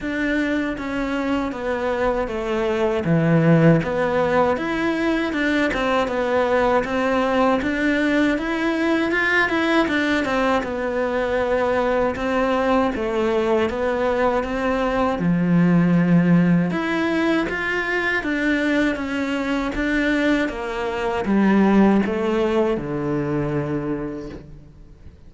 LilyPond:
\new Staff \with { instrumentName = "cello" } { \time 4/4 \tempo 4 = 79 d'4 cis'4 b4 a4 | e4 b4 e'4 d'8 c'8 | b4 c'4 d'4 e'4 | f'8 e'8 d'8 c'8 b2 |
c'4 a4 b4 c'4 | f2 e'4 f'4 | d'4 cis'4 d'4 ais4 | g4 a4 d2 | }